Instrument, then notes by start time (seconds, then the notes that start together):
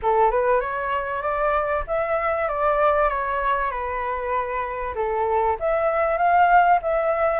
flute
0.02 A4
0.31 B4
0.60 C#5
1.22 D5
1.87 E5
2.48 D5
3.09 C#5
3.70 B4
4.95 A4
5.59 E5
6.17 F5
6.82 E5